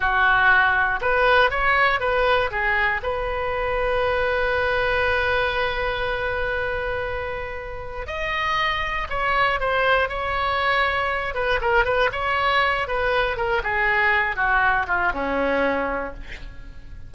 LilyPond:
\new Staff \with { instrumentName = "oboe" } { \time 4/4 \tempo 4 = 119 fis'2 b'4 cis''4 | b'4 gis'4 b'2~ | b'1~ | b'1 |
dis''2 cis''4 c''4 | cis''2~ cis''8 b'8 ais'8 b'8 | cis''4. b'4 ais'8 gis'4~ | gis'8 fis'4 f'8 cis'2 | }